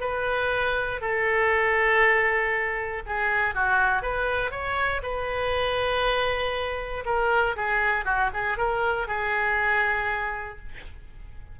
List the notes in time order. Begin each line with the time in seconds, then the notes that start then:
0.00 B4
1.01 A4
3.06 G#4
3.55 F#4
4.02 B4
4.51 C#5
5.03 B4
7.05 A#4
7.56 G#4
8.05 F#4
8.33 G#4
8.57 A#4
9.07 G#4